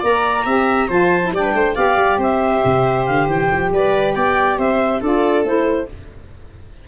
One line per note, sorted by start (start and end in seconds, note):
0.00 0.46 A#3
0.00 0.46 A#4
0.00 0.43 D5
0.00 0.91 A#5
0.46 0.89 C4
0.46 0.89 G4
0.46 0.88 E5
0.88 1.32 F3
0.88 1.22 F4
0.88 1.32 C5
0.88 1.34 A5
1.23 1.34 E4
1.32 1.54 G3
1.32 1.76 D4
1.32 1.43 D5
1.32 1.75 G5
1.43 1.53 B4
1.54 1.76 A3
1.54 1.76 C5
1.75 1.97 B3
1.75 5.02 G4
1.75 2.19 D5
1.75 2.19 F5
1.97 2.18 G3
2.18 2.61 C4
2.18 3.71 C5
2.18 3.06 E5
2.65 3.08 C3
3.06 3.27 D3
3.06 3.28 F5
3.27 3.49 E3
3.27 3.72 G5
3.52 3.72 F3
3.72 4.16 G3
3.72 4.16 B4
3.72 4.14 D5
4.14 4.58 B3
4.14 4.59 D5
4.14 4.58 G5
4.58 5.01 C4
4.58 5.01 C5
4.58 5.02 E5
5.01 5.44 D4
5.01 5.45 F4
5.01 5.88 A4
5.01 5.45 D5
5.44 5.87 A3
5.44 5.89 E4
5.44 5.89 C5